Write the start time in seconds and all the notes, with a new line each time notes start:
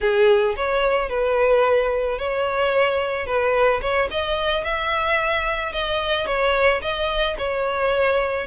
0.00 G#4
0.56 C#5
1.09 B4
2.18 C#5
3.26 B4
3.81 C#5
4.11 D#5
4.64 E5
5.72 D#5
6.26 C#5
6.81 D#5
7.38 C#5